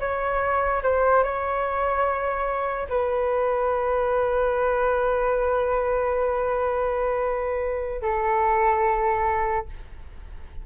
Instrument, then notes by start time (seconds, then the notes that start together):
flute
0.00 C#5
0.83 C5
1.24 C#5
2.90 B4
8.02 A4